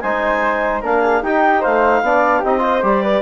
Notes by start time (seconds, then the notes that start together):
0.00 G#3 D#4 C5 G#5
0.81 A#3 D4 A#4 F5
1.00 G#4
1.21 D#4 G4 G5
1.61 A3 C5 F5
2.01 B3 D4 D5
2.39 C4 D#4 G4 D#5
2.58 F4 C5
2.82 G3 G4 D5
3.02 B4